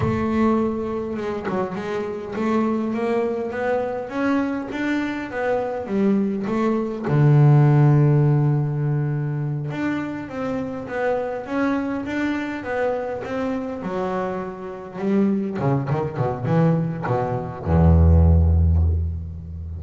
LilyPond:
\new Staff \with { instrumentName = "double bass" } { \time 4/4 \tempo 4 = 102 a2 gis8 fis8 gis4 | a4 ais4 b4 cis'4 | d'4 b4 g4 a4 | d1~ |
d8 d'4 c'4 b4 cis'8~ | cis'8 d'4 b4 c'4 fis8~ | fis4. g4 cis8 dis8 b,8 | e4 b,4 e,2 | }